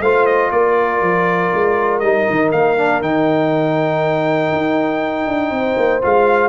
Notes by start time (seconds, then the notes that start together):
0.00 A3 F4 C5 F5
0.26 D#5
0.51 A#3 A#4 D5
1.01 F3
1.53 G#3
1.99 G3 D#4 D#5
2.30 D#3
2.51 A#3 F5
2.77 D4
3.01 D#3 D#4 G5
4.52 D#4
5.27 D4
5.50 C4 C5
5.76 A#3
6.01 G#3 F4 F5